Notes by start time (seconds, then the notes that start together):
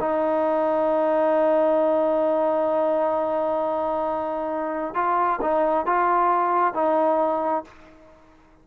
0.00 D#4
4.95 F4
5.42 D#4
5.86 F4
6.74 D#4